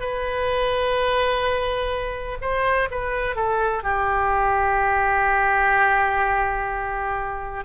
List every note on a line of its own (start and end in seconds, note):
0.00 2.38 B4
2.42 2.89 C5
2.91 3.36 B4
3.36 3.84 A4
3.84 7.65 G4